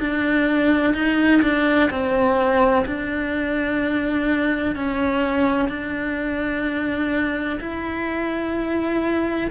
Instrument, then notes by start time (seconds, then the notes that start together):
cello
0.00 D4
0.94 D#4
1.42 D4
1.90 C4
2.86 D4
4.76 C#4
5.69 D4
7.60 E4